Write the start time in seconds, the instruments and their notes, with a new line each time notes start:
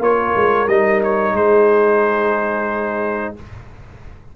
0.00 tuba A#3, trombone F4, horn A#4, trumpet C#5
0.36 tuba G#3
0.68 tuba G3, trombone D#4, trumpet D#5
1.04 trumpet C#5
1.34 tuba G#3, horn G#4, trumpet C5